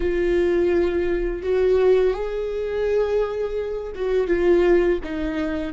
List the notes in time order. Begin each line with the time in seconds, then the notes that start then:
0.00 F4
1.42 F#4
2.13 G#4
3.94 F#4
4.27 F4
5.03 D#4